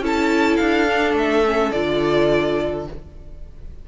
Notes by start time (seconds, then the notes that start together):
0.00 C#4 E4 A4
0.07 A5
0.57 D4 F5
0.88 D4
1.14 A3 E5
1.45 C#4
1.72 D3 F4 D5